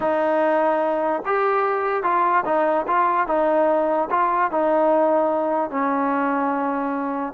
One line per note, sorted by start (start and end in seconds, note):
0.00 1.22 D#4
1.25 2.03 G4
2.03 2.44 F4
2.45 2.86 D#4
2.87 3.27 F4
3.27 4.08 D#4
4.10 4.51 F4
4.51 5.70 D#4
5.70 7.33 C#4